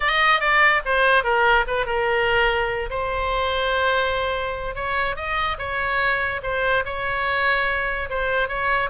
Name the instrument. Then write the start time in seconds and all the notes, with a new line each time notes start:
oboe
0.00 D#5
0.40 D5
0.85 C5
1.23 A#4
1.67 B4
1.86 A#4
2.90 C5
4.75 C#5
5.16 D#5
5.58 C#5
6.42 C5
6.85 C#5
8.09 C5
8.48 C#5